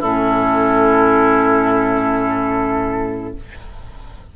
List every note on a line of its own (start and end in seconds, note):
0.00 3.35 A2
0.00 3.36 C#4
0.00 3.33 E4
0.00 3.36 A4